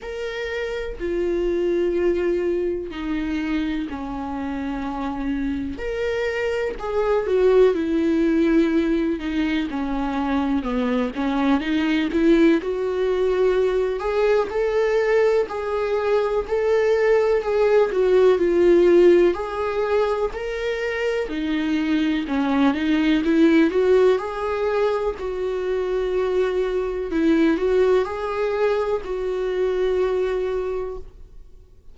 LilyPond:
\new Staff \with { instrumentName = "viola" } { \time 4/4 \tempo 4 = 62 ais'4 f'2 dis'4 | cis'2 ais'4 gis'8 fis'8 | e'4. dis'8 cis'4 b8 cis'8 | dis'8 e'8 fis'4. gis'8 a'4 |
gis'4 a'4 gis'8 fis'8 f'4 | gis'4 ais'4 dis'4 cis'8 dis'8 | e'8 fis'8 gis'4 fis'2 | e'8 fis'8 gis'4 fis'2 | }